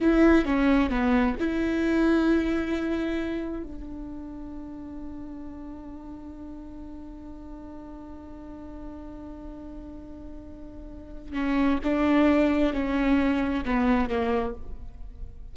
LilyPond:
\new Staff \with { instrumentName = "viola" } { \time 4/4 \tempo 4 = 132 e'4 cis'4 b4 e'4~ | e'1 | d'1~ | d'1~ |
d'1~ | d'1~ | d'4 cis'4 d'2 | cis'2 b4 ais4 | }